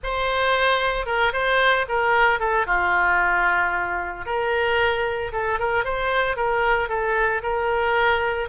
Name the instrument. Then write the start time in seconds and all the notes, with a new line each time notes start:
oboe
0.03 C5
1.05 A#4
1.33 C5
1.88 A#4
2.39 A4
2.66 F4
4.25 A#4
5.32 A4
5.59 A#4
5.84 C5
6.36 A#4
6.89 A4
7.42 A#4